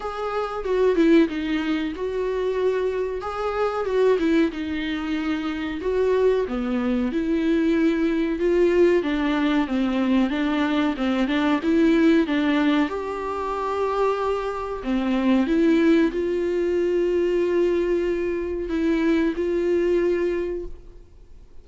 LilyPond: \new Staff \with { instrumentName = "viola" } { \time 4/4 \tempo 4 = 93 gis'4 fis'8 e'8 dis'4 fis'4~ | fis'4 gis'4 fis'8 e'8 dis'4~ | dis'4 fis'4 b4 e'4~ | e'4 f'4 d'4 c'4 |
d'4 c'8 d'8 e'4 d'4 | g'2. c'4 | e'4 f'2.~ | f'4 e'4 f'2 | }